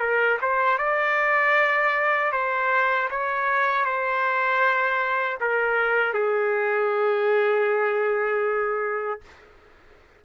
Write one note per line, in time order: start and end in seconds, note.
0.00 0.38 A#4
0.42 0.78 C5
0.78 2.32 D5
2.32 3.09 C5
3.10 3.85 C#5
3.85 5.39 C5
5.41 6.14 A#4
6.14 9.22 G#4